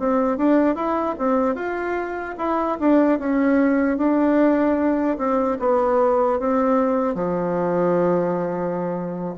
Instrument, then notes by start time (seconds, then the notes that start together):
bassoon
0.00 C4
0.38 D4
0.76 E4
1.19 C4
1.56 F4
2.38 E4
2.80 D4
3.19 C#4
3.98 D4
5.18 C4
5.60 B3
6.40 C4
7.15 F3